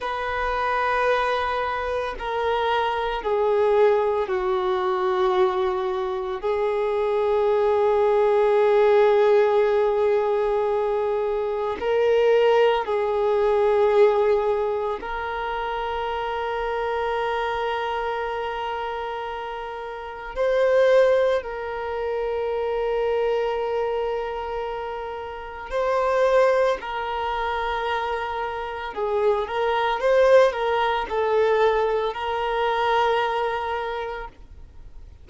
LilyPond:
\new Staff \with { instrumentName = "violin" } { \time 4/4 \tempo 4 = 56 b'2 ais'4 gis'4 | fis'2 gis'2~ | gis'2. ais'4 | gis'2 ais'2~ |
ais'2. c''4 | ais'1 | c''4 ais'2 gis'8 ais'8 | c''8 ais'8 a'4 ais'2 | }